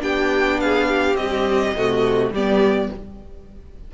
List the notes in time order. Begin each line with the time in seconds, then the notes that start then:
0.00 B3 D4 G4 G5
0.60 G#4 F5
0.88 G4
1.15 G3 C4 D#5
1.75 C3 A3 F#4
2.32 G3 B3 G4 D5